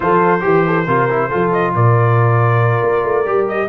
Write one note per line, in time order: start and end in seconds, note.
0.00 0.43 F3
0.00 0.39 F4
0.00 0.43 A4
0.00 1.52 C5
0.40 0.87 E3
0.40 0.84 G4
0.40 0.65 G4
0.66 0.87 A4
0.87 1.30 C3
0.87 1.09 F4
0.87 1.28 A#4
1.09 1.30 E4
1.28 1.74 F3
1.28 3.25 F4
1.28 1.72 A4
1.52 1.74 D#5
1.74 2.82 A#2
1.74 3.69 A#4
1.74 3.48 D5
2.82 3.03 A#3
3.04 3.25 A3
3.25 3.68 G3
3.25 3.68 G4
3.48 3.69 D#5